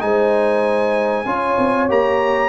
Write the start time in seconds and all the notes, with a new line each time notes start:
0.00 G#3 D#4 C5 G#5
1.25 C#4 F4 C#5
1.58 C4
1.89 A#3 G4 A#5